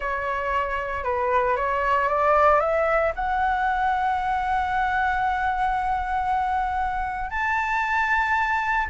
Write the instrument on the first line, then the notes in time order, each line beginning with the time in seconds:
flute
0.00 C#5
1.04 B4
1.56 C#5
2.08 D5
2.60 E5
3.15 F#5
7.30 A5